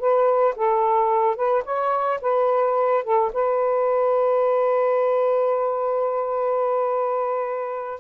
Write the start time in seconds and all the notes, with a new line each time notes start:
0.00 B4
0.56 A4
1.36 B4
1.65 C#5
2.22 B4
3.04 A4
3.33 B4